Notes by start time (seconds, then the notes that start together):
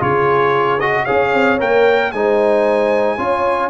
0.00 C#3 F4 G#4 C#5
0.80 F#4 D#5
1.04 C#4 G#4 C#5 F5
1.33 C4
1.59 A#3 A#4 G5
2.11 G#3 D#4 C5 G#5
3.17 C#4 F4 C#5